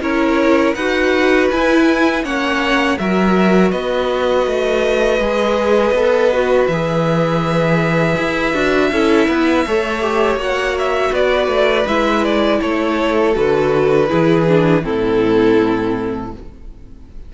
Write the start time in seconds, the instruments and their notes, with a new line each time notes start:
0.00 cello C#4, viola E4, violin A#4 C#5
0.74 cello D#4, viola F#4, violin B4 F#5
1.50 cello E4, viola E4, violin G#5
2.23 cello A#3, viola C#4, violin C#5 F#5
2.98 cello F#3, viola F#4, violin A#4 E5
3.71 cello B3, violin B4 D#5
4.46 cello A3
5.19 cello G#3, viola G#4
5.91 cello B3, viola A4
6.32 viola F#4
6.66 cello E3, viola G#4, violin E5
8.17 cello E4
8.53 cello D4, viola F#4
8.90 cello C#4, viola E4, violin A4
9.28 cello B3, violin B4
9.66 cello A3, viola A4, violin C#5
10.01 viola G4
10.35 cello A#3, viola F#4, violin F#5
10.78 violin E5
11.10 cello B3, violin B4 D5
11.47 cello A3
11.86 cello G#3, viola E4, violin E5
12.24 violin D5
12.60 cello A3, violin A4 C#5
13.33 cello D3, viola F#4, violin B4
14.07 cello E3, viola E4, violin G#4
14.48 viola D4
14.82 cello A2, viola C4, violin E4 A4